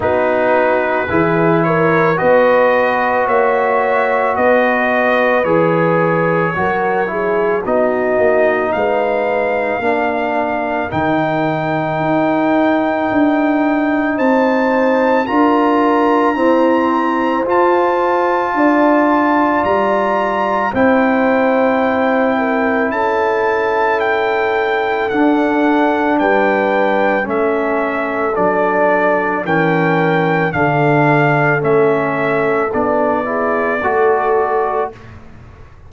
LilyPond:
<<
  \new Staff \with { instrumentName = "trumpet" } { \time 4/4 \tempo 4 = 55 b'4. cis''8 dis''4 e''4 | dis''4 cis''2 dis''4 | f''2 g''2~ | g''4 a''4 ais''2 |
a''2 ais''4 g''4~ | g''4 a''4 g''4 fis''4 | g''4 e''4 d''4 g''4 | f''4 e''4 d''2 | }
  \new Staff \with { instrumentName = "horn" } { \time 4/4 fis'4 gis'8 ais'8 b'4 cis''4 | b'2 ais'8 gis'8 fis'4 | b'4 ais'2.~ | ais'4 c''4 ais'4 c''4~ |
c''4 d''2 c''4~ | c''8 ais'8 a'2. | b'4 a'2 ais'4 | a'2~ a'8 gis'8 a'4 | }
  \new Staff \with { instrumentName = "trombone" } { \time 4/4 dis'4 e'4 fis'2~ | fis'4 gis'4 fis'8 e'8 dis'4~ | dis'4 d'4 dis'2~ | dis'2 f'4 c'4 |
f'2. e'4~ | e'2. d'4~ | d'4 cis'4 d'4 cis'4 | d'4 cis'4 d'8 e'8 fis'4 | }
  \new Staff \with { instrumentName = "tuba" } { \time 4/4 b4 e4 b4 ais4 | b4 e4 fis4 b8 ais8 | gis4 ais4 dis4 dis'4 | d'4 c'4 d'4 e'4 |
f'4 d'4 g4 c'4~ | c'4 cis'2 d'4 | g4 a4 fis4 e4 | d4 a4 b4 a4 | }
>>